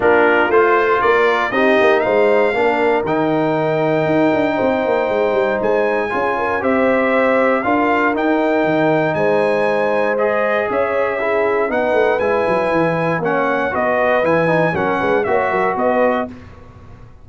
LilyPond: <<
  \new Staff \with { instrumentName = "trumpet" } { \time 4/4 \tempo 4 = 118 ais'4 c''4 d''4 dis''4 | f''2 g''2~ | g''2. gis''4~ | gis''4 e''2 f''4 |
g''2 gis''2 | dis''4 e''2 fis''4 | gis''2 fis''4 dis''4 | gis''4 fis''4 e''4 dis''4 | }
  \new Staff \with { instrumentName = "horn" } { \time 4/4 f'2 ais'4 g'4 | c''4 ais'2.~ | ais'4 c''2. | gis'8 ais'8 c''2 ais'4~ |
ais'2 c''2~ | c''4 cis''4 gis'4 b'4~ | b'2 cis''4 b'4~ | b'4 ais'8 b'8 cis''8 ais'8 b'4 | }
  \new Staff \with { instrumentName = "trombone" } { \time 4/4 d'4 f'2 dis'4~ | dis'4 d'4 dis'2~ | dis'1 | f'4 g'2 f'4 |
dis'1 | gis'2 e'4 dis'4 | e'2 cis'4 fis'4 | e'8 dis'8 cis'4 fis'2 | }
  \new Staff \with { instrumentName = "tuba" } { \time 4/4 ais4 a4 ais4 c'8 ais8 | gis4 ais4 dis2 | dis'8 d'8 c'8 ais8 gis8 g8 gis4 | cis'4 c'2 d'4 |
dis'4 dis4 gis2~ | gis4 cis'2 b8 a8 | gis8 fis8 e4 ais4 b4 | e4 fis8 gis8 ais8 fis8 b4 | }
>>